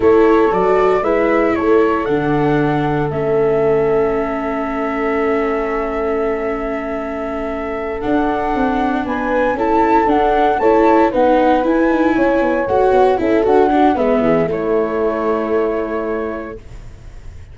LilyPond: <<
  \new Staff \with { instrumentName = "flute" } { \time 4/4 \tempo 4 = 116 cis''4 d''4 e''4 cis''4 | fis''2 e''2~ | e''1~ | e''2.~ e''8 fis''8~ |
fis''4. gis''4 a''4 fis''8~ | fis''8 a''4 fis''4 gis''4.~ | gis''8 fis''4 e''8 fis''4 e''4 | cis''1 | }
  \new Staff \with { instrumentName = "horn" } { \time 4/4 a'2 b'4 a'4~ | a'1~ | a'1~ | a'1~ |
a'4. b'4 a'4.~ | a'8 cis''4 b'2 cis''8~ | cis''4. a'4 fis'8 b'8 gis'8 | e'1 | }
  \new Staff \with { instrumentName = "viola" } { \time 4/4 e'4 fis'4 e'2 | d'2 cis'2~ | cis'1~ | cis'2.~ cis'8 d'8~ |
d'2~ d'8 e'4 d'8~ | d'8 e'4 dis'4 e'4.~ | e'8 fis'4 e'8 fis'8 d'8 b4 | a1 | }
  \new Staff \with { instrumentName = "tuba" } { \time 4/4 a4 fis4 gis4 a4 | d2 a2~ | a1~ | a2.~ a8 d'8~ |
d'8 c'4 b4 cis'4 d'8~ | d'8 a4 b4 e'8 dis'8 cis'8 | b8 a8 b8 cis'8 d'4 gis8 e8 | a1 | }
>>